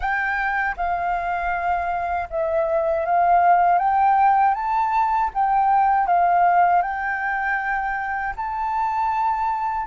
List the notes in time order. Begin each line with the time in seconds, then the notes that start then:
0.00 G5
0.76 F5
2.30 E5
3.06 F5
3.78 G5
4.54 A5
5.34 G5
6.06 F5
6.81 G5
8.36 A5